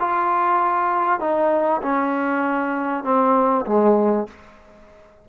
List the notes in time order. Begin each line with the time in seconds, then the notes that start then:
0.00 F4
1.20 D#4
1.83 C#4
3.04 C4
3.66 G#3